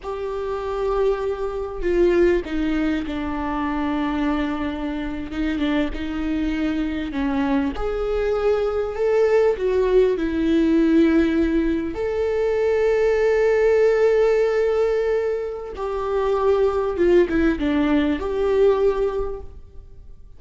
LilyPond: \new Staff \with { instrumentName = "viola" } { \time 4/4 \tempo 4 = 99 g'2. f'4 | dis'4 d'2.~ | d'8. dis'8 d'8 dis'2 cis'16~ | cis'8. gis'2 a'4 fis'16~ |
fis'8. e'2. a'16~ | a'1~ | a'2 g'2 | f'8 e'8 d'4 g'2 | }